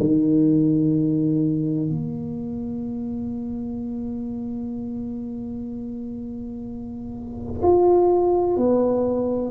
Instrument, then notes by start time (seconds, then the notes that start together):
tuba
0.00 D#3
1.90 A#3
7.63 F4
8.57 B3